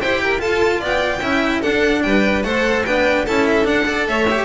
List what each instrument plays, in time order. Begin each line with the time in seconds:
0.00 double bass E4, cello G4, violin C5 G5
0.22 violin A#4
0.39 cello F4, double bass F4, violin A4 A5
0.79 double bass B3, violin D5 G5
1.20 double bass C#4, cello E4, violin E5
1.60 cello D4, double bass D4, violin A4 F#5
2.02 double bass G3, violin B4 G5
2.43 double bass A3, cello A4, violin C5 F#5
2.85 double bass B3, cello D4, violin B4 G5
3.25 double bass C#4, cello E4, violin A4 A5
3.46 violin E5
3.64 cello D4, double bass D4, violin F#5
3.85 cello A4, violin D5
4.07 double bass A3, violin C#5 E5
4.30 cello G4